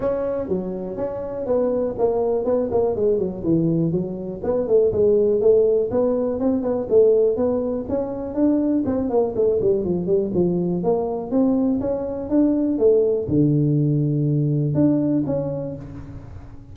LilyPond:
\new Staff \with { instrumentName = "tuba" } { \time 4/4 \tempo 4 = 122 cis'4 fis4 cis'4 b4 | ais4 b8 ais8 gis8 fis8 e4 | fis4 b8 a8 gis4 a4 | b4 c'8 b8 a4 b4 |
cis'4 d'4 c'8 ais8 a8 g8 | f8 g8 f4 ais4 c'4 | cis'4 d'4 a4 d4~ | d2 d'4 cis'4 | }